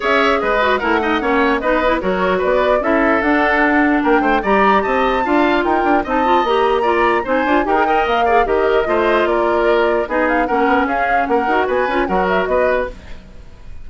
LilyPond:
<<
  \new Staff \with { instrumentName = "flute" } { \time 4/4 \tempo 4 = 149 e''4 dis''4 fis''2 | dis''4 cis''4 d''4 e''4 | fis''2 g''4 ais''4 | a''2 g''4 a''4 |
ais''2 gis''4 g''4 | f''4 dis''2 d''4~ | d''4 dis''8 f''8 fis''4 f''4 | fis''4 gis''4 fis''8 e''8 dis''4 | }
  \new Staff \with { instrumentName = "oboe" } { \time 4/4 cis''4 b'4 ais'8 dis''8 cis''4 | b'4 ais'4 b'4 a'4~ | a'2 ais'8 c''8 d''4 | dis''4 f''4 ais'4 dis''4~ |
dis''4 d''4 c''4 ais'8 dis''8~ | dis''8 d''8 ais'4 c''4 ais'4~ | ais'4 gis'4 ais'4 gis'4 | ais'4 b'4 ais'4 b'4 | }
  \new Staff \with { instrumentName = "clarinet" } { \time 4/4 gis'4. fis'8 e'8 dis'8 cis'4 | dis'8 e'8 fis'2 e'4 | d'2. g'4~ | g'4 f'2 dis'8 f'8 |
g'4 f'4 dis'8 f'8 g'16 gis'16 ais'8~ | ais'8 gis'8 g'4 f'2~ | f'4 dis'4 cis'2~ | cis'8 fis'4 f'8 fis'2 | }
  \new Staff \with { instrumentName = "bassoon" } { \time 4/4 cis'4 gis4 a4 ais4 | b4 fis4 b4 cis'4 | d'2 ais8 a8 g4 | c'4 d'4 dis'8 d'8 c'4 |
ais2 c'8 d'8 dis'4 | ais4 dis4 a4 ais4~ | ais4 b4 ais8 b8 cis'4 | ais8 dis'8 b8 cis'8 fis4 b4 | }
>>